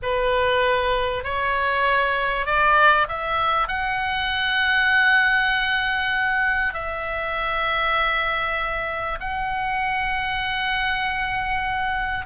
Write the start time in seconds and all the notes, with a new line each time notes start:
0.02 B4
1.24 C#5
2.45 D5
3.08 E5
3.68 F#5
6.73 E5
9.20 F#5